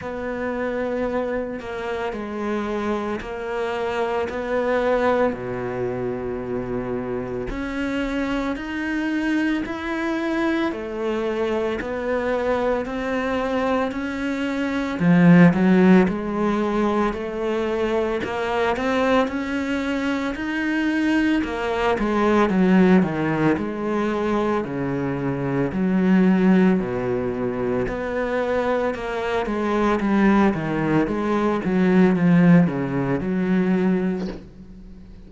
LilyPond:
\new Staff \with { instrumentName = "cello" } { \time 4/4 \tempo 4 = 56 b4. ais8 gis4 ais4 | b4 b,2 cis'4 | dis'4 e'4 a4 b4 | c'4 cis'4 f8 fis8 gis4 |
a4 ais8 c'8 cis'4 dis'4 | ais8 gis8 fis8 dis8 gis4 cis4 | fis4 b,4 b4 ais8 gis8 | g8 dis8 gis8 fis8 f8 cis8 fis4 | }